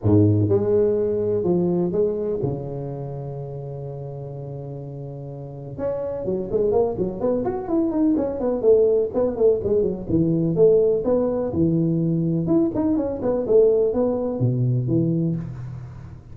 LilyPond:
\new Staff \with { instrumentName = "tuba" } { \time 4/4 \tempo 4 = 125 gis,4 gis2 f4 | gis4 cis2.~ | cis1 | cis'4 fis8 gis8 ais8 fis8 b8 fis'8 |
e'8 dis'8 cis'8 b8 a4 b8 a8 | gis8 fis8 e4 a4 b4 | e2 e'8 dis'8 cis'8 b8 | a4 b4 b,4 e4 | }